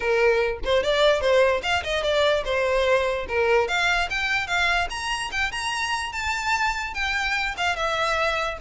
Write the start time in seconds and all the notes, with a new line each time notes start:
0.00 A#4
0.64 C5
0.83 D5
1.21 C5
1.63 F5
1.83 D#5
2.03 D5
2.45 C5
3.28 A#4
3.68 F5
4.10 G5
4.47 F5
4.89 A#5
5.31 G5
5.51 A#5
6.12 A5
6.94 G5
7.57 F5
7.76 E5